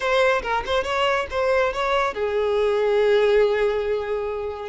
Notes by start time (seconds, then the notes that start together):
0.00 C5
0.42 A#4
0.65 C5
0.83 C#5
1.30 C5
1.73 C#5
2.14 G#4